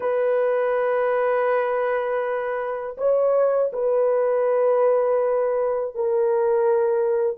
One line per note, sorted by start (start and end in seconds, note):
0.00 2.96 B4
2.97 3.71 C#5
3.72 5.95 B4
5.95 7.37 A#4